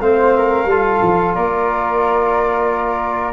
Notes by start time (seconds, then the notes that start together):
0.00 A3 C4 C5 F5
0.37 A#4
0.65 G3 F4 A4
1.02 F3
1.34 A#3 A#4 D5